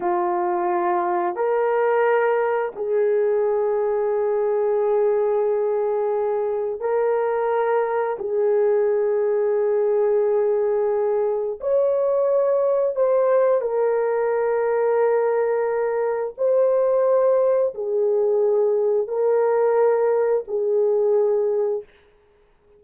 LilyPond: \new Staff \with { instrumentName = "horn" } { \time 4/4 \tempo 4 = 88 f'2 ais'2 | gis'1~ | gis'2 ais'2 | gis'1~ |
gis'4 cis''2 c''4 | ais'1 | c''2 gis'2 | ais'2 gis'2 | }